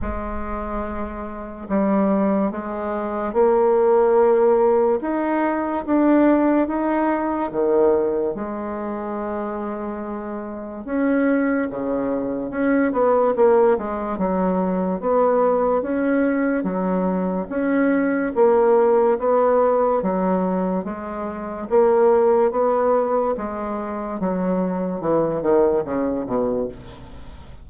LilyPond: \new Staff \with { instrumentName = "bassoon" } { \time 4/4 \tempo 4 = 72 gis2 g4 gis4 | ais2 dis'4 d'4 | dis'4 dis4 gis2~ | gis4 cis'4 cis4 cis'8 b8 |
ais8 gis8 fis4 b4 cis'4 | fis4 cis'4 ais4 b4 | fis4 gis4 ais4 b4 | gis4 fis4 e8 dis8 cis8 b,8 | }